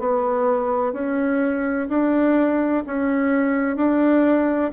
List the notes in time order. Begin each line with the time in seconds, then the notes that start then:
0.00 B3
0.93 C#4
1.89 D4
2.87 C#4
3.77 D4